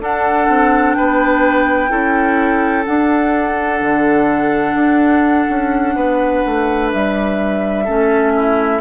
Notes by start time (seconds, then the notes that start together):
0.00 D4 A4 F#5
0.48 C4
0.94 B3 B4 G5
1.88 C#4 E4 A4
2.85 D4 F#5
3.81 D3
4.74 D4
5.49 C#4
5.95 B3 B4
6.46 A3
6.92 G3 E5
7.84 A3 C#4 A4
8.36 E4